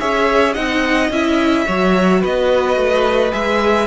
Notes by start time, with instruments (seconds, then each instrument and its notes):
0.00 cello C#4, viola G#4, violin C#5 E5
0.54 cello C4, viola D#4, violin D#5 F#5
1.10 cello C#4, viola E4, violin E5
1.67 cello F#3, viola F#4, violin C#5
2.21 cello B3, violin B4 D#5
2.77 cello A3
3.32 cello G#3, viola G#4, violin E5